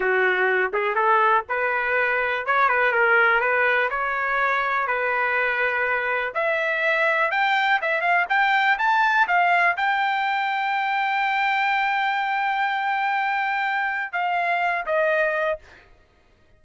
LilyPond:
\new Staff \with { instrumentName = "trumpet" } { \time 4/4 \tempo 4 = 123 fis'4. gis'8 a'4 b'4~ | b'4 cis''8 b'8 ais'4 b'4 | cis''2 b'2~ | b'4 e''2 g''4 |
e''8 f''8 g''4 a''4 f''4 | g''1~ | g''1~ | g''4 f''4. dis''4. | }